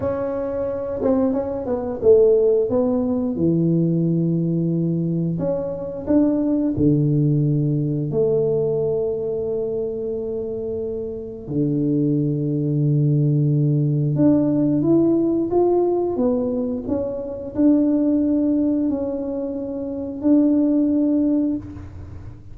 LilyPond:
\new Staff \with { instrumentName = "tuba" } { \time 4/4 \tempo 4 = 89 cis'4. c'8 cis'8 b8 a4 | b4 e2. | cis'4 d'4 d2 | a1~ |
a4 d2.~ | d4 d'4 e'4 f'4 | b4 cis'4 d'2 | cis'2 d'2 | }